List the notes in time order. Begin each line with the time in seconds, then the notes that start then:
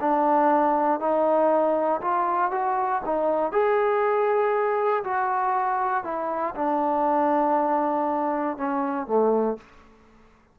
0.00 D4
0.99 D#4
2.01 F4
2.51 F#4
3.05 D#4
3.52 G#4
5.04 F#4
6.03 E4
6.55 D4
8.57 C#4
9.07 A3